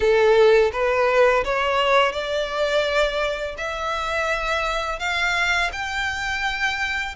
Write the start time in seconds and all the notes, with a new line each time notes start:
0.00 A4
0.72 B4
1.44 C#5
2.12 D5
3.57 E5
4.99 F5
5.72 G5